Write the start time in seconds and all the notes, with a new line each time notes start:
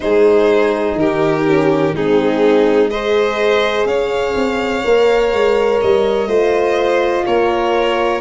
0.00 G#3 D#4 G#4 C5
0.95 D#3 G4 A#4
1.46 C#4
1.93 G#3 C4 D#4 G#4
2.90 G#4 C5 D#5
3.85 C#4 C#5 F5
4.34 C4
4.84 A#3 A#4
5.32 G#3
5.81 G3 D#5
6.26 A3 F4 C5
7.26 A#3 A#4 C#5